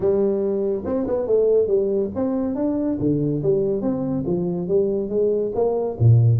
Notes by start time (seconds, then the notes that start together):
0.00 G3
0.85 C4
1.07 B3
1.26 A3
1.67 G3
2.15 C4
2.55 D4
3.00 D3
3.42 G3
3.81 C4
4.26 F3
4.68 G3
5.09 G#3
5.54 A#3
5.99 A#2